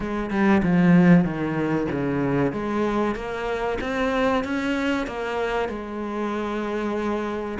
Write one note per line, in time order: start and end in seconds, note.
0.00 0.30 G#3
0.30 0.61 G3
0.63 1.24 F3
1.24 1.87 D#3
1.91 2.52 C#3
2.52 3.15 G#3
3.15 3.78 A#3
3.81 4.44 C4
4.44 5.06 C#4
5.06 5.68 A#3
5.68 7.58 G#3